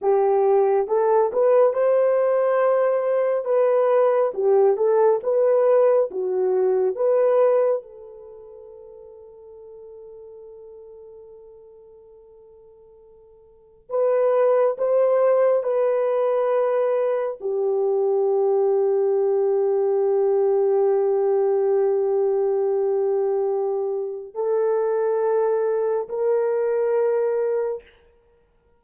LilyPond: \new Staff \with { instrumentName = "horn" } { \time 4/4 \tempo 4 = 69 g'4 a'8 b'8 c''2 | b'4 g'8 a'8 b'4 fis'4 | b'4 a'2.~ | a'1 |
b'4 c''4 b'2 | g'1~ | g'1 | a'2 ais'2 | }